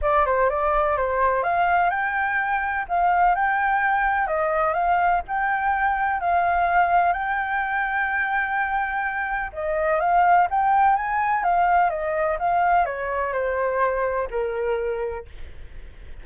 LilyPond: \new Staff \with { instrumentName = "flute" } { \time 4/4 \tempo 4 = 126 d''8 c''8 d''4 c''4 f''4 | g''2 f''4 g''4~ | g''4 dis''4 f''4 g''4~ | g''4 f''2 g''4~ |
g''1 | dis''4 f''4 g''4 gis''4 | f''4 dis''4 f''4 cis''4 | c''2 ais'2 | }